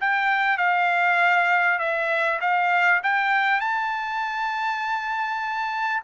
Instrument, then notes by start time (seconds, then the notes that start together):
trumpet
0.00 G5
0.57 F5
1.79 E5
2.40 F5
3.03 G5
3.60 A5